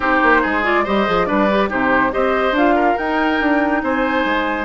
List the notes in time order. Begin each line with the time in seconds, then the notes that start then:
0.00 C4 D#4 G4 C5
0.22 A#3
0.41 G#3 G#4
0.63 F4 D5
0.84 G3 G4 C5 D#5
1.06 F3 G#4
1.25 G3 D4 B4 D5
1.50 G4
1.69 C3 D#4 G4 C5
2.10 C4 G4 C5 D#5
2.51 D4 F4 F5
2.75 A#4
2.97 D#4 G5
3.40 D4
3.82 C4 C5 G#5
4.24 G#3